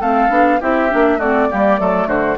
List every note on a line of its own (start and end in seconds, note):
0.00 0.29 A3
0.00 0.30 C4
0.00 0.59 A4
0.00 0.61 F5
0.29 0.59 B3
0.29 0.59 D4
0.60 0.91 C4
0.60 0.89 E4
0.60 1.18 G4
0.60 1.20 E5
0.89 1.18 A#3
0.89 1.19 D4
1.18 1.48 A3
1.18 1.50 C4
1.18 1.48 F#4
1.18 2.08 D5
1.50 1.80 G3
1.50 1.77 A#3
1.50 1.80 G4
1.77 2.06 F#3
1.77 2.37 A3
1.77 2.08 A4
2.06 2.36 D3
2.06 2.37 F#4
2.06 2.38 C5